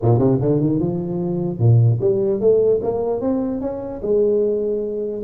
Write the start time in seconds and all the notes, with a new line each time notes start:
0.02 A#2
0.18 C3
0.41 D3
0.60 D#3
0.79 F3
1.59 A#2
2.00 G3
2.40 A3
2.82 A#3
3.20 C4
3.61 C#4
4.02 G#3